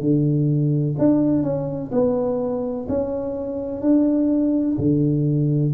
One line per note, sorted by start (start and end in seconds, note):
0.00 0.95 D3
0.98 1.42 D4
1.42 1.90 C#4
1.91 2.87 B3
2.88 3.81 C#4
3.81 4.77 D4
4.77 5.73 D3